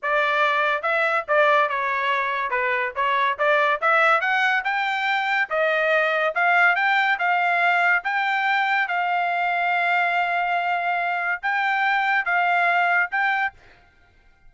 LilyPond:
\new Staff \with { instrumentName = "trumpet" } { \time 4/4 \tempo 4 = 142 d''2 e''4 d''4 | cis''2 b'4 cis''4 | d''4 e''4 fis''4 g''4~ | g''4 dis''2 f''4 |
g''4 f''2 g''4~ | g''4 f''2.~ | f''2. g''4~ | g''4 f''2 g''4 | }